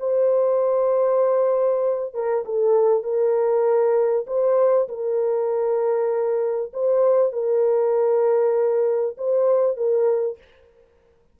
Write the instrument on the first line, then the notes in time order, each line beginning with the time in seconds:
horn
0.00 C5
2.14 A#4
2.45 A4
3.03 A#4
4.27 C5
4.88 A#4
6.73 C5
7.33 A#4
9.18 C5
9.77 A#4